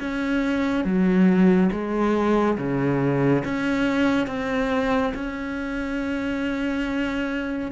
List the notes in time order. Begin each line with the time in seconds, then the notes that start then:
0.00 C#4
0.85 F#3
1.72 G#3
2.58 C#3
3.45 C#4
4.27 C4
5.14 C#4